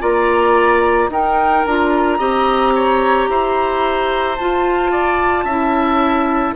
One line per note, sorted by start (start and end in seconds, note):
0.00 1.08 A#3
0.00 1.09 F4
0.00 1.10 D5
0.00 1.10 A#5
1.08 1.63 D#4
1.08 1.65 D#4
1.08 2.18 A#4
1.08 1.65 G5
1.65 2.19 D4
1.65 2.18 F4
1.65 4.36 A#5
2.18 3.28 C4
2.18 4.36 G4
2.18 2.72 D#5
2.75 3.29 C#5
3.28 4.37 E4
3.28 4.91 C5
4.36 5.44 F4
4.36 5.48 F4
4.36 6.54 A5
4.91 5.44 D5
5.44 6.53 C#4
5.44 6.55 E4
5.44 6.53 E5